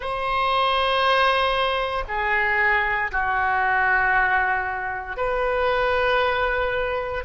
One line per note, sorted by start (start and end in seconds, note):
0.00 2.04 C5
2.07 3.11 G#4
3.11 5.17 F#4
5.17 7.24 B4